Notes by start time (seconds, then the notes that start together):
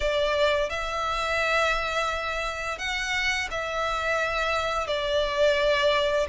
0.00 D5
0.69 E5
2.78 F#5
3.50 E5
4.87 D5